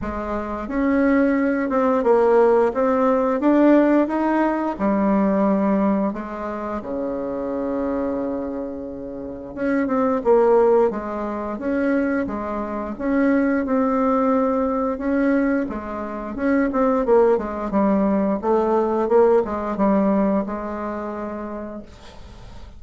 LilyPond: \new Staff \with { instrumentName = "bassoon" } { \time 4/4 \tempo 4 = 88 gis4 cis'4. c'8 ais4 | c'4 d'4 dis'4 g4~ | g4 gis4 cis2~ | cis2 cis'8 c'8 ais4 |
gis4 cis'4 gis4 cis'4 | c'2 cis'4 gis4 | cis'8 c'8 ais8 gis8 g4 a4 | ais8 gis8 g4 gis2 | }